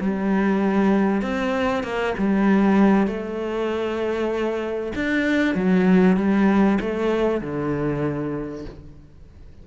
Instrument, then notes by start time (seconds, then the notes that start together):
cello
0.00 G3
1.22 C4
1.83 A#3
2.18 G3
3.07 A3
4.95 D4
5.55 F#3
6.17 G3
6.80 A3
7.41 D3